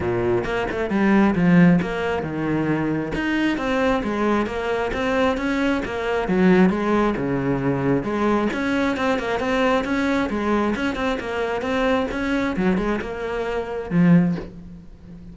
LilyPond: \new Staff \with { instrumentName = "cello" } { \time 4/4 \tempo 4 = 134 ais,4 ais8 a8 g4 f4 | ais4 dis2 dis'4 | c'4 gis4 ais4 c'4 | cis'4 ais4 fis4 gis4 |
cis2 gis4 cis'4 | c'8 ais8 c'4 cis'4 gis4 | cis'8 c'8 ais4 c'4 cis'4 | fis8 gis8 ais2 f4 | }